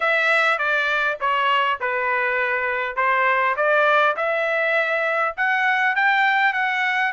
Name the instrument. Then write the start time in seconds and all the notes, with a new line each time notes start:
trumpet
0.00 E5
0.58 D5
1.20 C#5
1.80 B4
2.96 C5
3.56 D5
4.16 E5
5.37 F#5
5.95 G5
6.53 F#5